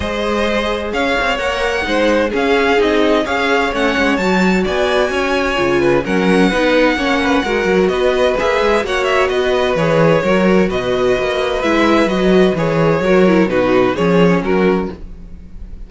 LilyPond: <<
  \new Staff \with { instrumentName = "violin" } { \time 4/4 \tempo 4 = 129 dis''2 f''4 fis''4~ | fis''4 f''4 dis''4 f''4 | fis''4 a''4 gis''2~ | gis''4 fis''2.~ |
fis''4 dis''4 e''4 fis''8 e''8 | dis''4 cis''2 dis''4~ | dis''4 e''4 dis''4 cis''4~ | cis''4 b'4 cis''4 ais'4 | }
  \new Staff \with { instrumentName = "violin" } { \time 4/4 c''2 cis''2 | c''4 gis'2 cis''4~ | cis''2 d''4 cis''4~ | cis''8 b'8 ais'4 b'4 cis''8 b'8 |
ais'4 b'2 cis''4 | b'2 ais'4 b'4~ | b'1 | ais'4 fis'4 gis'4 fis'4 | }
  \new Staff \with { instrumentName = "viola" } { \time 4/4 gis'2. ais'4 | dis'4 cis'4 dis'4 gis'4 | cis'4 fis'2. | f'4 cis'4 dis'4 cis'4 |
fis'2 gis'4 fis'4~ | fis'4 gis'4 fis'2~ | fis'4 e'4 fis'4 gis'4 | fis'8 e'8 dis'4 cis'2 | }
  \new Staff \with { instrumentName = "cello" } { \time 4/4 gis2 cis'8 c'8 ais4 | gis4 cis'4 c'4 cis'4 | a8 gis8 fis4 b4 cis'4 | cis4 fis4 b4 ais4 |
gis8 fis8 b4 ais8 gis8 ais4 | b4 e4 fis4 b,4 | ais4 gis4 fis4 e4 | fis4 b,4 f4 fis4 | }
>>